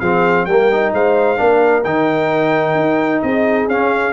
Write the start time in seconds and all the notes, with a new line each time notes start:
0.00 F3 C4 G#4 F5
0.45 G3 A#3 A#4 G5
0.72 D#4
0.93 G#3 C5 F5
1.37 A#3 D4 A#4
1.84 D#3 D#4 G5
2.75 D#4
3.22 C4 G#4 D#5
3.67 C#4 F5